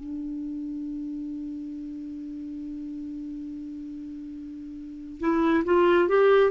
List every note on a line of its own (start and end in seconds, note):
0.00 5.20 D4
5.20 5.64 E4
5.65 6.08 F4
6.08 6.51 G4